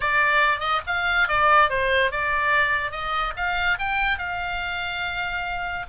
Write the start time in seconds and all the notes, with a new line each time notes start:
0.00 D5
0.59 D#5
0.86 F5
1.28 D5
1.69 C5
2.11 D5
2.91 D#5
3.36 F5
3.78 G5
4.18 F5